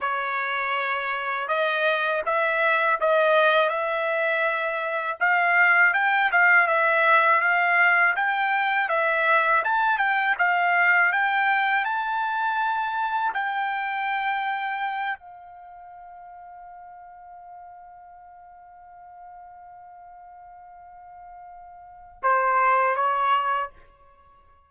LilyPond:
\new Staff \with { instrumentName = "trumpet" } { \time 4/4 \tempo 4 = 81 cis''2 dis''4 e''4 | dis''4 e''2 f''4 | g''8 f''8 e''4 f''4 g''4 | e''4 a''8 g''8 f''4 g''4 |
a''2 g''2~ | g''8 f''2.~ f''8~ | f''1~ | f''2 c''4 cis''4 | }